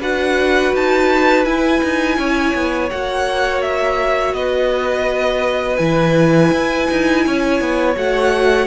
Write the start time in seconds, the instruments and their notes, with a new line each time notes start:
0.00 cello D4, viola F#4, violin B4 F#5
0.73 cello D#4, violin A5
1.45 cello E4, viola E4, violin G#5
1.83 cello D#4
2.17 cello C#4, violin C#5
2.54 cello B3
2.90 cello A#3, viola F#4, violin F#5
3.61 violin E5
4.33 cello B3, violin B4 D#5
5.76 cello E3, viola E4, violin G#5
6.52 cello E4
6.90 cello D#4
7.26 cello C#4, violin C#5
7.60 cello B3
7.96 cello A3, viola F#4, violin F#5